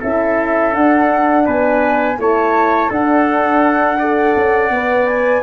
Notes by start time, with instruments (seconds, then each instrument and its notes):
0.00 tuba C#4, horn E4, trumpet A4, flute E5
0.72 horn D4, tuba D4, flute F#5
1.45 tuba B3, trumpet B4, flute G#5
2.18 tuba A3, horn E4, trumpet C#5, flute A5
2.89 tuba D4, horn D4, trumpet A4, flute F#5
3.98 horn A4, trumpet D5
4.36 tuba C#4
4.70 tuba B3, horn B4
5.07 flute G#5